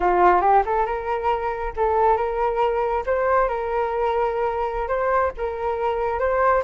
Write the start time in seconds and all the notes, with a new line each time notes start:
0.00 F4
0.41 G4
0.65 A4
0.86 A#4
1.76 A4
2.16 A#4
3.06 C5
3.48 A#4
4.88 C5
5.37 A#4
6.19 C5